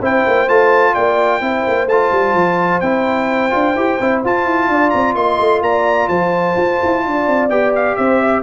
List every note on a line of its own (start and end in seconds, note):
0.00 0.24 C4
0.00 0.48 E4
0.00 0.94 C5
0.00 0.49 G5
0.27 0.48 A#3
0.48 0.95 A3
0.48 1.41 F4
0.48 0.95 A5
0.94 1.41 A#3
0.94 1.41 D5
0.94 1.89 G5
1.41 1.65 C4
1.41 1.88 E4
1.41 4.71 C5
1.68 1.87 A#3
1.87 2.10 A3
1.87 2.83 F4
1.87 2.81 A5
2.12 2.34 G3
2.34 2.81 F3
2.81 3.52 C4
2.81 3.51 E4
2.81 4.22 G5
3.51 3.76 D4
3.51 3.74 F4
3.76 3.99 E4
3.76 4.00 G4
4.01 4.25 C4
4.01 4.25 E4
4.25 4.46 F4
4.25 7.51 F4
4.25 4.91 A5
4.46 4.69 E4
4.69 4.92 D4
4.69 5.16 D5
4.91 5.15 C4
4.91 5.14 A#5
5.15 5.39 A#3
5.15 5.63 D#5
5.15 5.62 C6
5.39 5.62 A3
5.62 6.09 A#3
5.62 6.10 D5
5.62 6.09 A#5
6.09 6.56 F3
6.09 7.03 C5
6.09 7.50 A5
6.57 6.81 F4
6.83 7.06 E4
7.06 7.27 D4
7.06 8.00 D5
7.27 7.50 C4
7.50 7.97 B3
7.50 8.43 G4
7.50 7.73 G5
7.76 7.96 F5
7.96 8.43 C4
7.96 8.22 C5
7.96 8.43 E5
8.22 8.43 E5